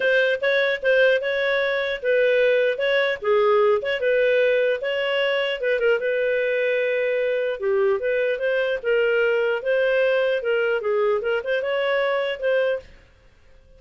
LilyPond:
\new Staff \with { instrumentName = "clarinet" } { \time 4/4 \tempo 4 = 150 c''4 cis''4 c''4 cis''4~ | cis''4 b'2 cis''4 | gis'4. cis''8 b'2 | cis''2 b'8 ais'8 b'4~ |
b'2. g'4 | b'4 c''4 ais'2 | c''2 ais'4 gis'4 | ais'8 c''8 cis''2 c''4 | }